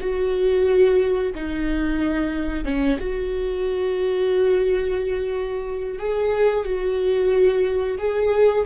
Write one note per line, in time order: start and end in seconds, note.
0.00 1.33 F#4
1.35 2.65 D#4
2.65 2.98 C#4
3.00 5.99 F#4
5.99 6.65 G#4
6.65 7.98 F#4
7.98 8.65 G#4